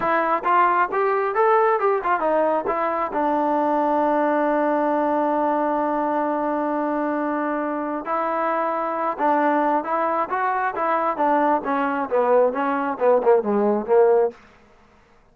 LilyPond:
\new Staff \with { instrumentName = "trombone" } { \time 4/4 \tempo 4 = 134 e'4 f'4 g'4 a'4 | g'8 f'8 dis'4 e'4 d'4~ | d'1~ | d'1~ |
d'2 e'2~ | e'8 d'4. e'4 fis'4 | e'4 d'4 cis'4 b4 | cis'4 b8 ais8 gis4 ais4 | }